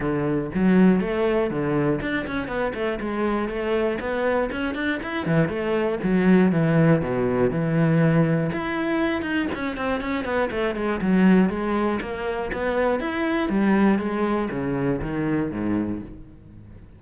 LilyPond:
\new Staff \with { instrumentName = "cello" } { \time 4/4 \tempo 4 = 120 d4 fis4 a4 d4 | d'8 cis'8 b8 a8 gis4 a4 | b4 cis'8 d'8 e'8 e8 a4 | fis4 e4 b,4 e4~ |
e4 e'4. dis'8 cis'8 c'8 | cis'8 b8 a8 gis8 fis4 gis4 | ais4 b4 e'4 g4 | gis4 cis4 dis4 gis,4 | }